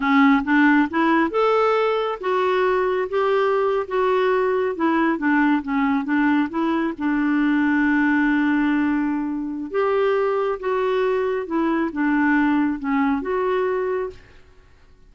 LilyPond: \new Staff \with { instrumentName = "clarinet" } { \time 4/4 \tempo 4 = 136 cis'4 d'4 e'4 a'4~ | a'4 fis'2 g'4~ | g'8. fis'2 e'4 d'16~ | d'8. cis'4 d'4 e'4 d'16~ |
d'1~ | d'2 g'2 | fis'2 e'4 d'4~ | d'4 cis'4 fis'2 | }